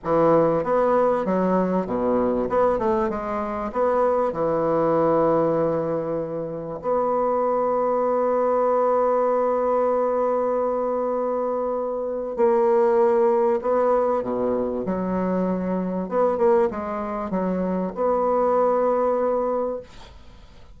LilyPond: \new Staff \with { instrumentName = "bassoon" } { \time 4/4 \tempo 4 = 97 e4 b4 fis4 b,4 | b8 a8 gis4 b4 e4~ | e2. b4~ | b1~ |
b1 | ais2 b4 b,4 | fis2 b8 ais8 gis4 | fis4 b2. | }